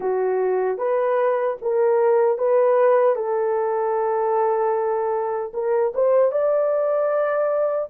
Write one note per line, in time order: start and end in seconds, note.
0.00 0.78 F#4
0.78 1.56 B4
1.61 2.38 A#4
2.38 3.15 B4
3.15 5.52 A4
5.53 5.92 A#4
5.94 6.31 C5
6.31 7.89 D5